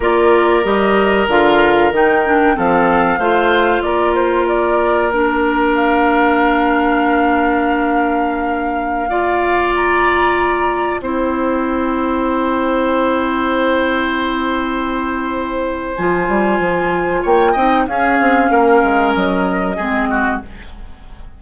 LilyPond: <<
  \new Staff \with { instrumentName = "flute" } { \time 4/4 \tempo 4 = 94 d''4 dis''4 f''4 g''4 | f''2 d''8 c''8 d''4 | ais'4 f''2.~ | f''2.~ f''16 ais''8.~ |
ais''4~ ais''16 g''2~ g''8.~ | g''1~ | g''4 gis''2 g''4 | f''2 dis''2 | }
  \new Staff \with { instrumentName = "oboe" } { \time 4/4 ais'1 | a'4 c''4 ais'2~ | ais'1~ | ais'2~ ais'16 d''4.~ d''16~ |
d''4~ d''16 c''2~ c''8.~ | c''1~ | c''2. cis''8 dis''8 | gis'4 ais'2 gis'8 fis'8 | }
  \new Staff \with { instrumentName = "clarinet" } { \time 4/4 f'4 g'4 f'4 dis'8 d'8 | c'4 f'2. | d'1~ | d'2~ d'16 f'4.~ f'16~ |
f'4~ f'16 e'2~ e'8.~ | e'1~ | e'4 f'2~ f'8 dis'8 | cis'2. c'4 | }
  \new Staff \with { instrumentName = "bassoon" } { \time 4/4 ais4 g4 d4 dis4 | f4 a4 ais2~ | ais1~ | ais1~ |
ais4~ ais16 c'2~ c'8.~ | c'1~ | c'4 f8 g8 f4 ais8 c'8 | cis'8 c'8 ais8 gis8 fis4 gis4 | }
>>